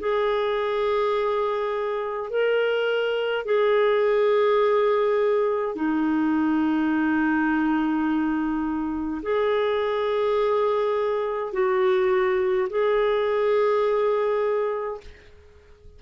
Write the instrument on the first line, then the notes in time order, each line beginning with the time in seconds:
clarinet
0.00 G#4
2.30 A#4
3.45 G#4
5.76 D#4
9.23 G#4
11.53 F#4
12.70 G#4